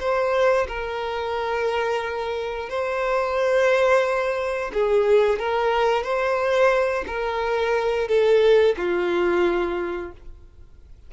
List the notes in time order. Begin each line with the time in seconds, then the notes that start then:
0.00 C5
0.68 A#4
2.69 C5
4.73 G#4
5.39 A#4
6.04 C5
7.07 A#4
8.08 A4
8.77 F4